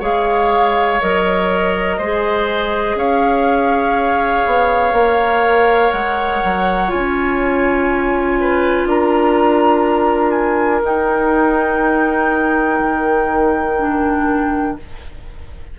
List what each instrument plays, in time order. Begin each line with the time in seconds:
0.00 bassoon G#3, clarinet G#4, oboe C#5, flute F5
1.02 bassoon F#3, clarinet A#4, flute D#5
1.98 bassoon G#3, clarinet G#4, oboe C5
2.95 bassoon C#4, oboe C#5, flute F5
4.46 bassoon B3
4.93 bassoon A#3, clarinet A#4
5.92 bassoon G#3, flute F#5
6.44 bassoon F#3
6.89 bassoon C#4, clarinet F4, flute G#5
8.41 oboe B4
8.86 bassoon D4, oboe A#4, flute A#5
10.31 flute G#5
10.83 bassoon D#4, clarinet D#4, flute G5
12.80 bassoon D#3
13.79 clarinet D4